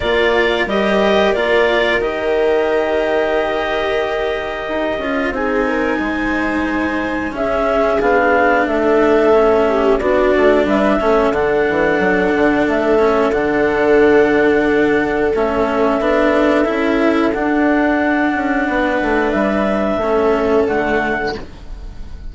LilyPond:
<<
  \new Staff \with { instrumentName = "clarinet" } { \time 4/4 \tempo 4 = 90 d''4 dis''4 d''4 dis''4~ | dis''1 | gis''2. e''4 | f''4 e''2 d''4 |
e''4 fis''2 e''4 | fis''2. e''4~ | e''2 fis''2~ | fis''4 e''2 fis''4 | }
  \new Staff \with { instrumentName = "viola" } { \time 4/4 ais'1~ | ais'1 | gis'8 ais'8 c''2 gis'4~ | gis'4 a'4. g'8 fis'4 |
b'8 a'2.~ a'8~ | a'1~ | a'1 | b'2 a'2 | }
  \new Staff \with { instrumentName = "cello" } { \time 4/4 f'4 g'4 f'4 g'4~ | g'2.~ g'8 f'8 | dis'2. cis'4 | d'2 cis'4 d'4~ |
d'8 cis'8 d'2~ d'8 cis'8 | d'2. cis'4 | d'4 e'4 d'2~ | d'2 cis'4 a4 | }
  \new Staff \with { instrumentName = "bassoon" } { \time 4/4 ais4 g4 ais4 dis4~ | dis2. dis'8 cis'8 | c'4 gis2 cis'4 | b4 a2 b8 a8 |
g8 a8 d8 e8 fis8 d8 a4 | d2. a4 | b4 cis'4 d'4. cis'8 | b8 a8 g4 a4 d4 | }
>>